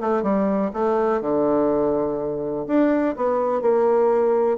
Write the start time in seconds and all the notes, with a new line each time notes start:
0.00 A3
0.22 G3
0.73 A3
1.21 D3
2.67 D4
3.16 B3
3.61 A#3